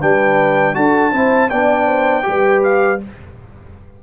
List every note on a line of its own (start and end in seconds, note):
0.00 0.77 G3
0.00 0.75 D4
0.00 0.75 B4
0.00 0.75 G5
0.75 1.13 D4
0.75 1.12 F#4
0.75 1.12 A4
0.75 1.50 A5
1.12 1.51 C4
1.12 1.50 E4
1.12 1.50 C5
1.50 2.27 B3
1.50 2.23 D4
1.50 1.88 D5
1.50 2.62 G5
1.88 2.25 C5
2.23 3.03 G3
2.23 2.98 G4
2.23 3.04 B4
2.64 3.01 F5